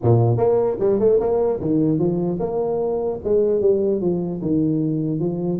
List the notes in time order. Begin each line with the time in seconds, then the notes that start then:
0.02 A#2
0.37 A#3
0.79 G3
0.99 A3
1.20 A#3
1.60 D#3
1.98 F3
2.39 A#3
3.23 G#3
3.60 G3
4.01 F3
4.41 D#3
5.19 F3